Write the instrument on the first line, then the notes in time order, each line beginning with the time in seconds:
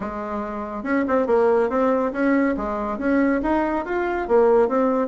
bassoon
0.00 G#3
0.83 C#4
1.07 C4
1.26 A#3
1.69 C4
2.12 C#4
2.56 G#3
2.98 C#4
3.42 D#4
3.85 F4
4.28 A#3
4.68 C4